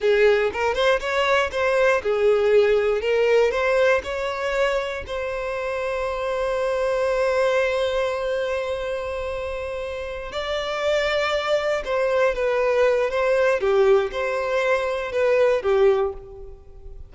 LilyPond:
\new Staff \with { instrumentName = "violin" } { \time 4/4 \tempo 4 = 119 gis'4 ais'8 c''8 cis''4 c''4 | gis'2 ais'4 c''4 | cis''2 c''2~ | c''1~ |
c''1~ | c''8 d''2. c''8~ | c''8 b'4. c''4 g'4 | c''2 b'4 g'4 | }